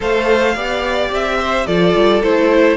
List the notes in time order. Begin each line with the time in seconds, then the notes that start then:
0.00 A3 A4 C5 F5
0.54 B3 G4 D5
1.11 C4 E5
1.39 C5
1.66 F3 F4 A4 D5
1.95 G3
2.23 A3 E4 C5